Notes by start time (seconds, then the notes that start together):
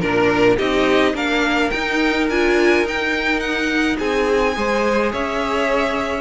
0.00 A#2 D4 A#4
0.57 C4 D#4 G4 D#5
1.14 A#3 D4 A#4 F5
1.71 D#4 G5
2.30 D4 F4 G#5
2.84 D#4 G5
3.40 F#5
3.98 C4 G#4 G#5
4.55 G#3 G#4 C5
5.13 C#4 C#5 E5